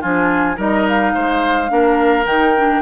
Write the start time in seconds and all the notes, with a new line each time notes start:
0.00 F3 D4 F4 G#5
0.56 G3 D#4 A#4 D#5
0.88 F5
1.14 G#3 C5
1.68 A#3 D4 A#4
2.25 D#3 D#4 G5
2.57 D4